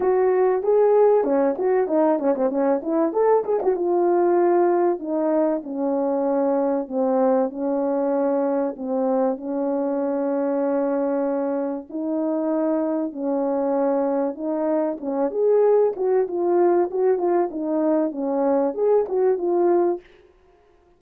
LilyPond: \new Staff \with { instrumentName = "horn" } { \time 4/4 \tempo 4 = 96 fis'4 gis'4 cis'8 fis'8 dis'8 cis'16 c'16 | cis'8 e'8 a'8 gis'16 fis'16 f'2 | dis'4 cis'2 c'4 | cis'2 c'4 cis'4~ |
cis'2. dis'4~ | dis'4 cis'2 dis'4 | cis'8 gis'4 fis'8 f'4 fis'8 f'8 | dis'4 cis'4 gis'8 fis'8 f'4 | }